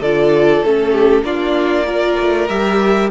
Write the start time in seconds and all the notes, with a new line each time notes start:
0.00 D3 F4 A4 D5
0.64 A3 C#4 A4
0.91 G4
1.23 A#3 D4 F4 D5
1.86 F4 A#4
2.20 A3
2.48 G3 G4 E5